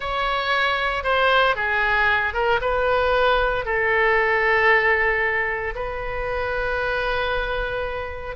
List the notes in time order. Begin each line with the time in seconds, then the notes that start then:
0.00 C#5
1.03 C5
1.55 G#4
2.33 A#4
2.61 B4
3.65 A4
5.75 B4